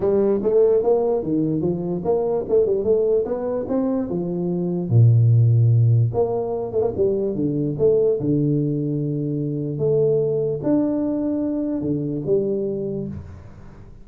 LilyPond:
\new Staff \with { instrumentName = "tuba" } { \time 4/4 \tempo 4 = 147 g4 a4 ais4 dis4 | f4 ais4 a8 g8 a4 | b4 c'4 f2 | ais,2. ais4~ |
ais8 a16 ais16 g4 d4 a4 | d1 | a2 d'2~ | d'4 d4 g2 | }